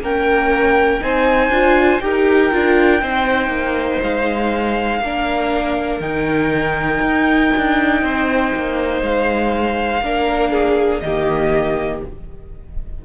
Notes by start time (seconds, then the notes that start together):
0.00 A#3 C#4 A#4 G5
1.01 C4 D#4 C5 G#5
1.49 D4 F4
2.00 D#4 G4 A#4 G5
2.51 D4 F4
3.01 C4 D#4 C5
3.47 A#3
4.02 G#3 F5
5.01 A#3 D4 A#4
6.00 D#3 D#4 G5
7.00 D#4
7.56 D4
8.02 C4 C5
8.54 A#3
9.01 G#3 F5
10.01 A#3 D4 A#4
10.52 G#4
11.00 D#3 A#3 G4 D#5